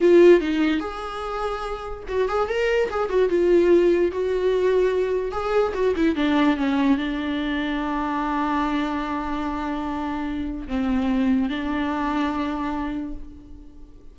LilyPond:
\new Staff \with { instrumentName = "viola" } { \time 4/4 \tempo 4 = 146 f'4 dis'4 gis'2~ | gis'4 fis'8 gis'8 ais'4 gis'8 fis'8 | f'2 fis'2~ | fis'4 gis'4 fis'8 e'8 d'4 |
cis'4 d'2.~ | d'1~ | d'2 c'2 | d'1 | }